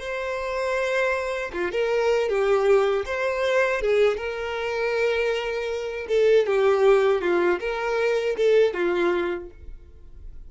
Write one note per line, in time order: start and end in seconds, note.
0.00 1.52 C5
1.53 1.72 F4
1.72 2.29 A#4
2.29 3.05 G4
3.06 3.81 C5
3.81 4.17 G#4
4.17 6.07 A#4
6.08 6.46 A4
6.46 7.21 G4
7.21 7.59 F4
7.60 8.36 A#4
8.37 8.74 A4
8.74 9.50 F4